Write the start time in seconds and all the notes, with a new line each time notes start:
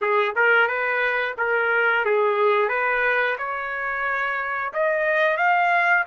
0.01 G#4
0.35 A#4
0.67 B4
1.37 A#4
2.05 G#4
2.68 B4
3.37 C#5
4.73 D#5
5.37 F5